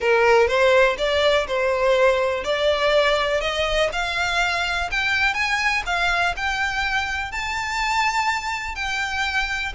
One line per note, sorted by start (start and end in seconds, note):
0.00 0.47 A#4
0.47 0.96 C5
0.98 1.46 D5
1.47 2.43 C5
2.43 3.41 D5
3.41 3.89 D#5
3.92 4.89 F5
4.91 5.34 G5
5.34 5.82 G#5
5.86 6.34 F5
6.36 7.31 G5
7.31 8.75 A5
8.75 9.72 G5